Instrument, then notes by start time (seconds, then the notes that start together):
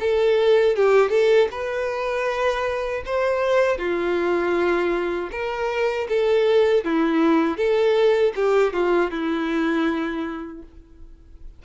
violin
0.00 A4
0.76 G4
1.10 A4
1.51 B4
3.05 C5
3.78 F4
5.31 A#4
6.09 A4
6.84 E4
7.57 A4
8.35 G4
8.73 F4
9.11 E4